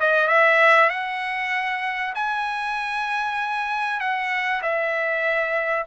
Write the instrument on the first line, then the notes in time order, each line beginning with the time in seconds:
trumpet
0.00 D#5
0.28 E5
0.90 F#5
2.15 G#5
4.00 F#5
4.63 E5